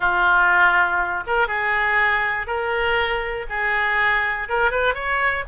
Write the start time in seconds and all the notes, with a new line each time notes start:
0.00 F4
1.26 A#4
1.47 G#4
2.46 A#4
3.49 G#4
4.48 A#4
4.71 B4
4.94 C#5